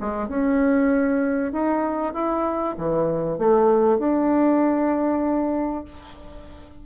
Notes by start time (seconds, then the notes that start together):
0.00 G#3
0.28 C#4
1.52 D#4
2.13 E4
2.77 E3
3.38 A3
3.98 D4